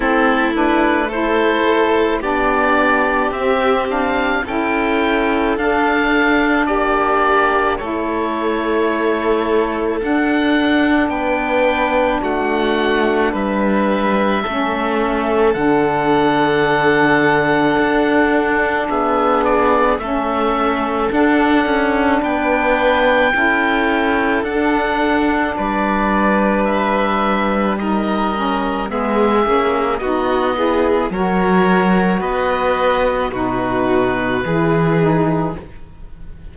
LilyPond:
<<
  \new Staff \with { instrumentName = "oboe" } { \time 4/4 \tempo 4 = 54 a'8 b'8 c''4 d''4 e''8 f''8 | g''4 f''4 d''4 cis''4~ | cis''4 fis''4 g''4 fis''4 | e''2 fis''2~ |
fis''4 e''8 d''8 e''4 fis''4 | g''2 fis''4 d''4 | e''4 dis''4 e''4 dis''4 | cis''4 dis''4 b'2 | }
  \new Staff \with { instrumentName = "violin" } { \time 4/4 e'4 a'4 g'2 | a'2 g'4 a'4~ | a'2 b'4 fis'4 | b'4 a'2.~ |
a'4 gis'4 a'2 | b'4 a'2 b'4~ | b'4 ais'4 gis'4 fis'8 gis'8 | ais'4 b'4 fis'4 gis'4 | }
  \new Staff \with { instrumentName = "saxophone" } { \time 4/4 c'8 d'8 e'4 d'4 c'8 d'8 | e'4 d'2 e'4~ | e'4 d'2.~ | d'4 cis'4 d'2~ |
d'2 cis'4 d'4~ | d'4 e'4 d'2~ | d'4 dis'8 cis'8 b8 cis'8 dis'8 e'8 | fis'2 dis'4 e'8 dis'8 | }
  \new Staff \with { instrumentName = "cello" } { \time 4/4 a2 b4 c'4 | cis'4 d'4 ais4 a4~ | a4 d'4 b4 a4 | g4 a4 d2 |
d'4 b4 a4 d'8 cis'8 | b4 cis'4 d'4 g4~ | g2 gis8 ais8 b4 | fis4 b4 b,4 e4 | }
>>